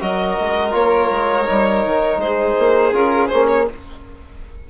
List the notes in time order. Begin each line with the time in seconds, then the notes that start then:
0.00 F#3 F#4 A#4 D#5
0.40 G#3
0.72 A#3 F4 C#5
1.11 G#3
1.46 G3 D#4
1.85 D#3
2.17 G#3 C5
2.24 G#4
2.59 A#3
2.93 C#4 F4 A#4
3.28 A#3 C#4 C5
3.48 C#5